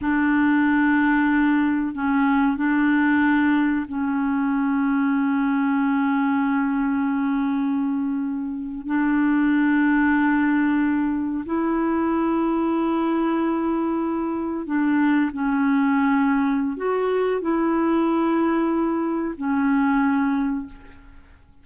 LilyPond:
\new Staff \with { instrumentName = "clarinet" } { \time 4/4 \tempo 4 = 93 d'2. cis'4 | d'2 cis'2~ | cis'1~ | cis'4.~ cis'16 d'2~ d'16~ |
d'4.~ d'16 e'2~ e'16~ | e'2~ e'8. d'4 cis'16~ | cis'2 fis'4 e'4~ | e'2 cis'2 | }